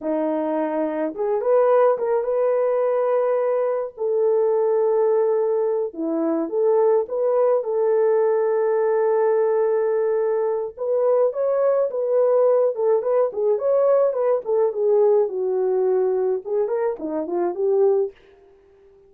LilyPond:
\new Staff \with { instrumentName = "horn" } { \time 4/4 \tempo 4 = 106 dis'2 gis'8 b'4 ais'8 | b'2. a'4~ | a'2~ a'8 e'4 a'8~ | a'8 b'4 a'2~ a'8~ |
a'2. b'4 | cis''4 b'4. a'8 b'8 gis'8 | cis''4 b'8 a'8 gis'4 fis'4~ | fis'4 gis'8 ais'8 dis'8 f'8 g'4 | }